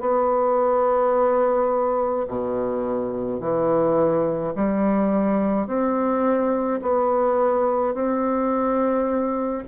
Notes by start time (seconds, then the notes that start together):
0.00 B3
2.27 B2
3.40 E3
4.55 G3
5.67 C4
6.81 B3
7.94 C4